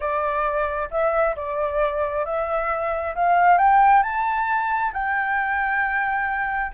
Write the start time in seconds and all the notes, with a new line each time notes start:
0.00 D5
0.91 E5
1.36 D5
2.25 E5
3.15 F5
3.57 G5
4.02 A5
4.93 G5